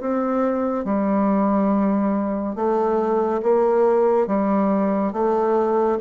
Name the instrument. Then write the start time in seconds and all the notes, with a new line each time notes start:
bassoon
0.00 C4
0.85 G3
2.55 A3
3.42 A#3
4.27 G3
5.13 A3